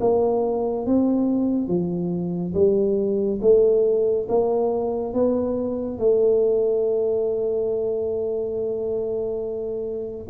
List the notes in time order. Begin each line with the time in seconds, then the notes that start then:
0.00 A#3
0.86 C4
1.68 F3
2.54 G3
3.41 A3
4.28 A#3
5.13 B3
5.98 A3